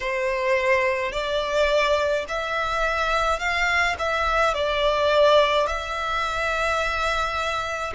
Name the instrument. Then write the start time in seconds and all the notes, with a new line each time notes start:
violin
0.00 C5
1.12 D5
2.28 E5
3.39 F5
3.98 E5
4.53 D5
5.67 E5